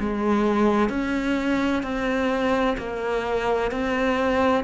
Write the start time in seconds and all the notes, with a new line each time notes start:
0.00 G#3
0.89 C#4
1.83 C4
2.78 A#3
3.71 C4